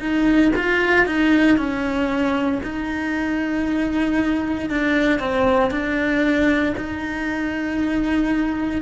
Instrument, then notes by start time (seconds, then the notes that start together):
cello
0.00 D#4
0.56 F4
1.06 D#4
1.58 C#4
2.63 D#4
4.70 D4
5.20 C4
5.71 D4
6.77 D#4